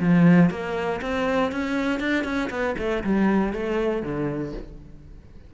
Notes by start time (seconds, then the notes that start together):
0.00 F3
0.50 A#3
1.02 C4
1.52 C#4
2.00 D4
2.25 C#4
2.50 B3
2.79 A3
3.04 G3
3.53 A3
4.03 D3